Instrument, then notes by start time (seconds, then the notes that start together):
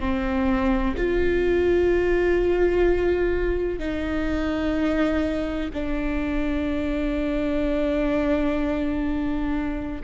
viola
0.00 C4
0.97 F4
3.79 D#4
5.74 D4